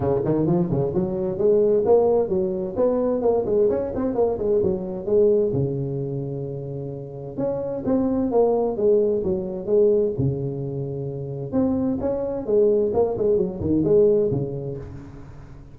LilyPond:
\new Staff \with { instrumentName = "tuba" } { \time 4/4 \tempo 4 = 130 cis8 dis8 f8 cis8 fis4 gis4 | ais4 fis4 b4 ais8 gis8 | cis'8 c'8 ais8 gis8 fis4 gis4 | cis1 |
cis'4 c'4 ais4 gis4 | fis4 gis4 cis2~ | cis4 c'4 cis'4 gis4 | ais8 gis8 fis8 dis8 gis4 cis4 | }